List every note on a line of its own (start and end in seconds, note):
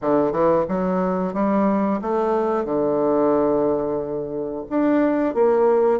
0.01 0.32 D3
0.32 0.65 E3
0.68 1.33 F#3
1.33 2.00 G3
2.01 2.65 A3
2.65 4.65 D3
4.69 5.34 D4
5.34 5.99 A#3